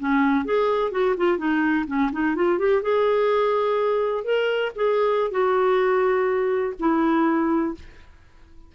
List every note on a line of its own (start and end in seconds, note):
0.00 0.45 C#4
0.45 0.92 G#4
0.92 1.16 F#4
1.17 1.38 F4
1.38 1.86 D#4
1.87 2.11 C#4
2.12 2.36 D#4
2.36 2.59 F4
2.59 2.82 G4
2.82 4.24 G#4
4.24 4.72 A#4
4.76 5.31 G#4
5.31 6.74 F#4
6.80 7.75 E4